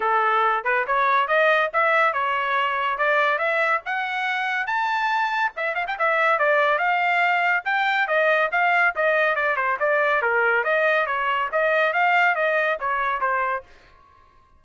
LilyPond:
\new Staff \with { instrumentName = "trumpet" } { \time 4/4 \tempo 4 = 141 a'4. b'8 cis''4 dis''4 | e''4 cis''2 d''4 | e''4 fis''2 a''4~ | a''4 e''8 f''16 g''16 e''4 d''4 |
f''2 g''4 dis''4 | f''4 dis''4 d''8 c''8 d''4 | ais'4 dis''4 cis''4 dis''4 | f''4 dis''4 cis''4 c''4 | }